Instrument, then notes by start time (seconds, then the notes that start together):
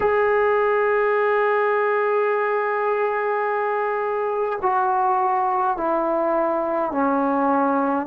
trombone
0.00 G#4
4.62 F#4
5.77 E4
6.91 C#4